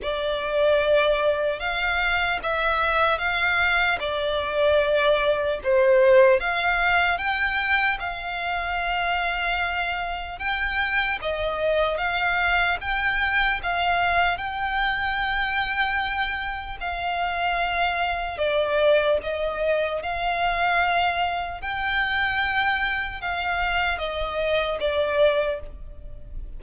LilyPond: \new Staff \with { instrumentName = "violin" } { \time 4/4 \tempo 4 = 75 d''2 f''4 e''4 | f''4 d''2 c''4 | f''4 g''4 f''2~ | f''4 g''4 dis''4 f''4 |
g''4 f''4 g''2~ | g''4 f''2 d''4 | dis''4 f''2 g''4~ | g''4 f''4 dis''4 d''4 | }